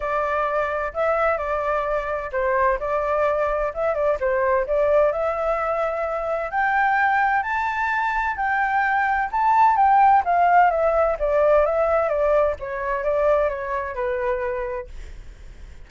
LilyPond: \new Staff \with { instrumentName = "flute" } { \time 4/4 \tempo 4 = 129 d''2 e''4 d''4~ | d''4 c''4 d''2 | e''8 d''8 c''4 d''4 e''4~ | e''2 g''2 |
a''2 g''2 | a''4 g''4 f''4 e''4 | d''4 e''4 d''4 cis''4 | d''4 cis''4 b'2 | }